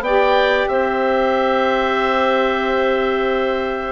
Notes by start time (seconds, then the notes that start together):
0.00 B3 D5 G5
0.06 G4
0.68 C4 C5 E5